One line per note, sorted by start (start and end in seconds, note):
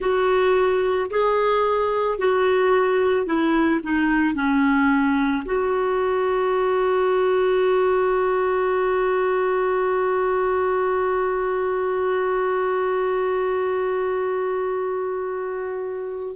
0.00 1.10 F#4
1.10 2.18 G#4
2.18 3.25 F#4
3.25 3.80 E4
3.83 4.34 D#4
4.34 5.43 C#4
5.45 16.35 F#4